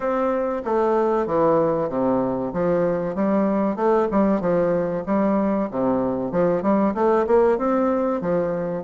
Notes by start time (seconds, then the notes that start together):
0.00 C4
0.64 A3
1.26 E3
1.89 C3
2.53 F3
3.15 G3
3.76 A3
4.11 G3
4.40 F3
5.06 G3
5.70 C3
6.31 F3
6.62 G3
6.94 A3
7.27 A#3
7.58 C4
8.21 F3